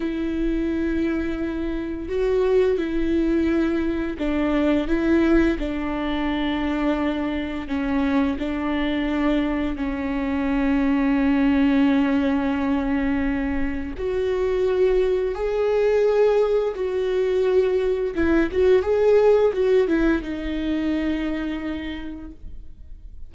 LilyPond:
\new Staff \with { instrumentName = "viola" } { \time 4/4 \tempo 4 = 86 e'2. fis'4 | e'2 d'4 e'4 | d'2. cis'4 | d'2 cis'2~ |
cis'1 | fis'2 gis'2 | fis'2 e'8 fis'8 gis'4 | fis'8 e'8 dis'2. | }